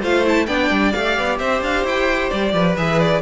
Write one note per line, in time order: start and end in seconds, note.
0.00 0.47 A3
0.00 0.24 F4
0.00 0.46 C5
0.00 0.26 F5
0.24 0.47 E4
0.24 0.46 A5
0.46 0.70 B3
0.46 0.93 D4
0.46 1.38 D5
0.46 0.92 G5
0.70 0.93 G3
0.92 1.18 A3
0.92 2.77 G4
0.92 1.37 F5
1.18 1.39 B3
1.38 1.61 C4
1.38 2.53 C5
1.38 1.61 E5
1.61 1.83 D4
1.61 1.86 F5
1.83 2.29 E4
1.83 2.29 G5
2.29 2.53 G3
2.29 2.75 D5
2.53 2.76 F3
2.53 3.21 B4
2.76 3.21 E3
2.76 3.21 G#4
2.76 2.99 E5
2.99 3.21 D5